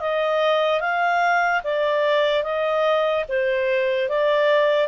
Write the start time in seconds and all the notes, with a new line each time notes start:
0.00 D#5
0.81 F5
1.64 D5
2.43 D#5
3.28 C5
4.09 D5